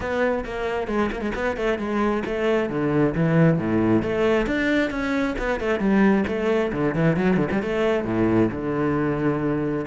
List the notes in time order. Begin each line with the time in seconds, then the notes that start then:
0.00 B3
0.45 A#3
0.87 G#3
1.12 A#3
1.21 G#3
1.34 B3
1.56 A3
1.78 G#3
2.25 A3
2.69 D3
3.14 E3
3.58 A2
4.02 A3
4.46 D4
4.90 C#4
5.38 B3
5.60 A3
5.79 G3
6.27 A3
6.72 D3
6.94 E3
7.16 F#3
7.37 D3
7.51 G3
7.62 A3
8.04 A2
8.51 D3